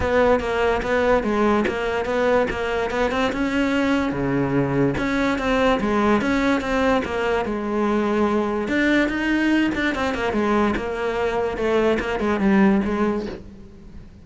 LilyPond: \new Staff \with { instrumentName = "cello" } { \time 4/4 \tempo 4 = 145 b4 ais4 b4 gis4 | ais4 b4 ais4 b8 c'8 | cis'2 cis2 | cis'4 c'4 gis4 cis'4 |
c'4 ais4 gis2~ | gis4 d'4 dis'4. d'8 | c'8 ais8 gis4 ais2 | a4 ais8 gis8 g4 gis4 | }